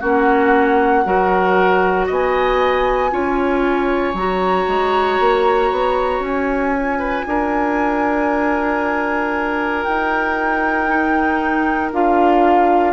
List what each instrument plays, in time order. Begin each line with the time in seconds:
0.00 bassoon A#3, clarinet C#4, oboe F#4, flute F#5
1.05 bassoon F#3, clarinet F#4, oboe A#4
2.07 bassoon B3, oboe D#5
2.13 flute G#5
3.11 bassoon C#4, clarinet F4, oboe C#5
4.14 bassoon F#3, clarinet F#4, flute A#5
4.68 bassoon G#3
5.20 bassoon A#3
5.72 bassoon B3
6.20 bassoon C#4, flute G#5
6.76 clarinet F4
6.99 oboe B4
7.27 bassoon D4, oboe A#4
9.84 bassoon D#4, flute G5
10.88 clarinet D#4
11.93 bassoon D4, clarinet F4, flute F5